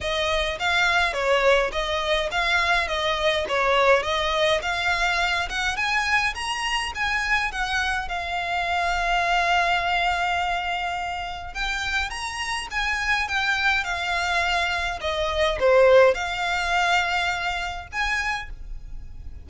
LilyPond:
\new Staff \with { instrumentName = "violin" } { \time 4/4 \tempo 4 = 104 dis''4 f''4 cis''4 dis''4 | f''4 dis''4 cis''4 dis''4 | f''4. fis''8 gis''4 ais''4 | gis''4 fis''4 f''2~ |
f''1 | g''4 ais''4 gis''4 g''4 | f''2 dis''4 c''4 | f''2. gis''4 | }